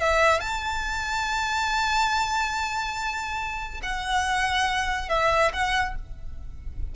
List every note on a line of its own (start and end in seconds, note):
0.00 0.40 E5
0.40 3.80 A5
3.82 5.09 F#5
5.09 5.52 E5
5.53 5.95 F#5